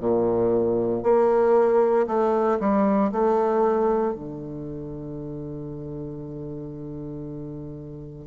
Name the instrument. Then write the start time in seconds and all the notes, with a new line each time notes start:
bassoon
0.00 A#2
1.03 A#3
2.07 A3
2.60 G3
3.12 A3
4.15 D3